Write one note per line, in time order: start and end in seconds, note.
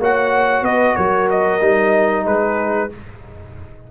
0.00 0.62 A#3
0.00 1.61 F#4
0.00 0.65 C#5
0.00 0.65 F#5
0.62 0.94 B3
0.62 0.97 B4
0.62 0.96 D#5
0.96 1.62 F#3
0.96 2.26 A#4
0.96 1.29 C#5
1.31 2.27 D#5
1.61 2.26 G3
1.61 2.90 D#4
2.26 2.90 G#3
2.26 2.90 G#4
2.26 2.91 B4